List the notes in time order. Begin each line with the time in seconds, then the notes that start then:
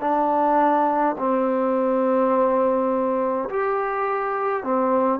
0.00 D4
1.18 C4
3.49 G4
4.63 C4